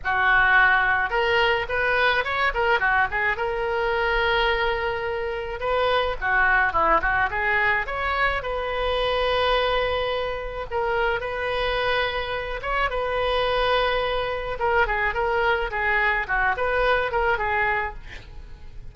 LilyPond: \new Staff \with { instrumentName = "oboe" } { \time 4/4 \tempo 4 = 107 fis'2 ais'4 b'4 | cis''8 ais'8 fis'8 gis'8 ais'2~ | ais'2 b'4 fis'4 | e'8 fis'8 gis'4 cis''4 b'4~ |
b'2. ais'4 | b'2~ b'8 cis''8 b'4~ | b'2 ais'8 gis'8 ais'4 | gis'4 fis'8 b'4 ais'8 gis'4 | }